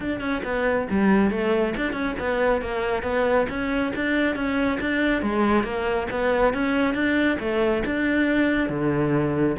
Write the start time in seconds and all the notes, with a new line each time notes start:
0.00 D4
0.20 C#4
0.44 B3
0.90 G3
1.30 A3
1.76 D4
1.92 C#4
2.19 B3
2.61 A#3
3.02 B3
3.49 C#4
3.95 D4
4.35 C#4
4.80 D4
5.22 G#3
5.63 A#3
6.10 B3
6.53 C#4
6.94 D4
7.39 A3
7.85 D4
8.69 D3